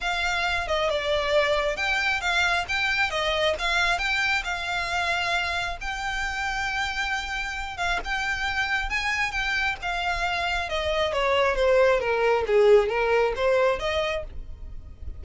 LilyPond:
\new Staff \with { instrumentName = "violin" } { \time 4/4 \tempo 4 = 135 f''4. dis''8 d''2 | g''4 f''4 g''4 dis''4 | f''4 g''4 f''2~ | f''4 g''2.~ |
g''4. f''8 g''2 | gis''4 g''4 f''2 | dis''4 cis''4 c''4 ais'4 | gis'4 ais'4 c''4 dis''4 | }